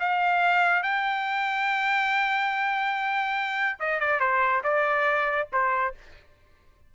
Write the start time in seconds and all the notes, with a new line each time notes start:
0.00 F5
0.83 G5
3.80 D#5
4.00 D5
4.20 C5
4.64 D5
5.53 C5